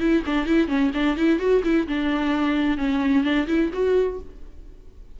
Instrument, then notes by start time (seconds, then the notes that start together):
viola
0.00 E4
0.26 D4
0.46 E4
0.68 C#4
0.94 D4
1.17 E4
1.39 F#4
1.64 E4
1.87 D4
2.78 C#4
3.23 D4
3.47 E4
3.73 F#4